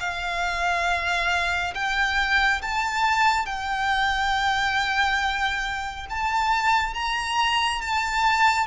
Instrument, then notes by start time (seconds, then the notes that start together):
violin
0.00 F5
1.75 G5
2.62 A5
3.46 G5
6.10 A5
6.95 A#5
7.82 A5